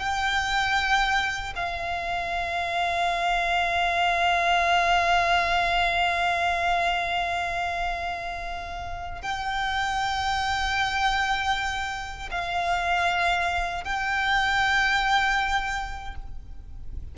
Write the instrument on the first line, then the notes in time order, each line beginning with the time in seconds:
violin
0.00 G5
1.56 F5
9.22 G5
12.31 F5
13.85 G5